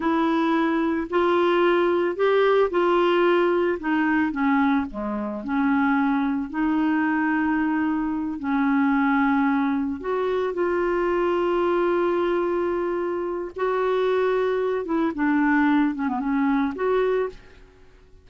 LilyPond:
\new Staff \with { instrumentName = "clarinet" } { \time 4/4 \tempo 4 = 111 e'2 f'2 | g'4 f'2 dis'4 | cis'4 gis4 cis'2 | dis'2.~ dis'8 cis'8~ |
cis'2~ cis'8 fis'4 f'8~ | f'1~ | f'4 fis'2~ fis'8 e'8 | d'4. cis'16 b16 cis'4 fis'4 | }